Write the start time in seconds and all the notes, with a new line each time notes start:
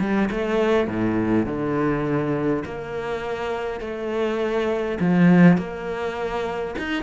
0.00 G3
0.31 A3
0.88 A2
1.46 D3
2.66 A#3
3.81 A3
5.00 F3
5.58 A#3
6.79 D#4